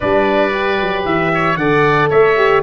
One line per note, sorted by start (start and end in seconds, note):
0.00 0.81 G3
0.00 0.51 D4
0.00 1.31 B4
0.00 1.04 D5
0.51 1.57 G4
0.81 1.05 F#3
1.05 1.56 E3
1.05 1.56 E5
1.34 1.59 C#5
1.56 2.08 D3
1.56 2.36 A4
1.56 2.09 D5
1.56 2.08 F#5
2.09 2.62 A3
2.09 2.62 C#5
2.09 2.62 E5
2.36 2.62 G4